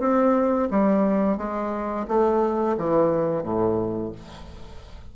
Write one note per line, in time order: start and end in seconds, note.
0.00 0.69 C4
0.71 1.38 G3
1.38 2.07 G#3
2.08 2.77 A3
2.77 3.43 E3
3.43 4.12 A2